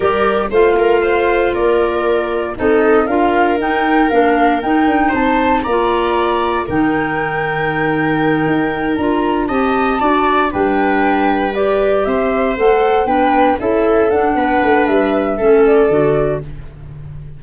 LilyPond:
<<
  \new Staff \with { instrumentName = "flute" } { \time 4/4 \tempo 4 = 117 d''4 f''2 d''4~ | d''4 dis''4 f''4 g''4 | f''4 g''4 a''4 ais''4~ | ais''4 g''2.~ |
g''4. ais''4 a''4.~ | a''8 g''2 d''4 e''8~ | e''8 fis''4 g''4 e''4 fis''8~ | fis''4 e''4. d''4. | }
  \new Staff \with { instrumentName = "viola" } { \time 4/4 ais'4 c''8 ais'8 c''4 ais'4~ | ais'4 a'4 ais'2~ | ais'2 c''4 d''4~ | d''4 ais'2.~ |
ais'2~ ais'8 dis''4 d''8~ | d''8 b'2. c''8~ | c''4. b'4 a'4. | b'2 a'2 | }
  \new Staff \with { instrumentName = "clarinet" } { \time 4/4 g'4 f'2.~ | f'4 dis'4 f'4 dis'4 | d'4 dis'2 f'4~ | f'4 dis'2.~ |
dis'4. f'4 g'4 fis'8~ | fis'8 d'2 g'4.~ | g'8 a'4 d'4 e'4 d'8~ | d'2 cis'4 fis'4 | }
  \new Staff \with { instrumentName = "tuba" } { \time 4/4 g4 a2 ais4~ | ais4 c'4 d'4 dis'4 | ais4 dis'8 d'8 c'4 ais4~ | ais4 dis2.~ |
dis8 dis'4 d'4 c'4 d'8~ | d'8 g2. c'8~ | c'8 a4 b4 cis'4 d'8 | b8 a8 g4 a4 d4 | }
>>